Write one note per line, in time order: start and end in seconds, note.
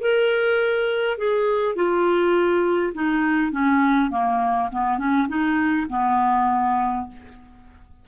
0.00 1.17 A#4
1.17 1.75 G#4
1.75 2.93 F4
2.94 3.51 D#4
3.51 4.10 C#4
4.10 4.69 A#3
4.71 4.98 B3
4.98 5.27 C#4
5.28 5.87 D#4
5.89 7.07 B3